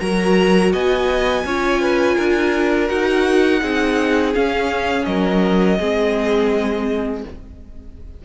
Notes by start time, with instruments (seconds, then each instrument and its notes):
0.00 cello F#3, viola F#4, violin A#4 A#5
0.72 cello B3, violin D#5 G#5
1.44 cello C#4, viola F4, violin C#5
1.81 violin B4
2.16 cello D4, violin A#4
2.87 cello D#4, viola F#4, violin F#5
3.61 cello C4, viola D#4, violin G#4
4.34 viola C#4, cello C#4, violin F5
5.05 cello F#3, violin A#4 D#5
5.79 cello G#3, viola C4, violin G#4